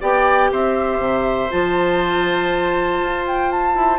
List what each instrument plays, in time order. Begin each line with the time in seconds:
0.00 bassoon B3, clarinet G4, oboe D5, flute G5
0.51 bassoon C4, oboe C5, flute E5
0.98 bassoon C3
1.50 bassoon F3, clarinet F4, flute A5
3.02 bassoon F4
3.27 flute G5
3.51 flute A5
3.75 bassoon E4